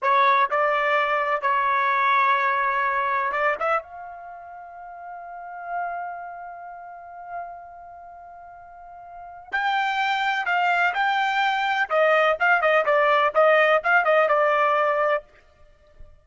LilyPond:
\new Staff \with { instrumentName = "trumpet" } { \time 4/4 \tempo 4 = 126 cis''4 d''2 cis''4~ | cis''2. d''8 e''8 | f''1~ | f''1~ |
f''1 | g''2 f''4 g''4~ | g''4 dis''4 f''8 dis''8 d''4 | dis''4 f''8 dis''8 d''2 | }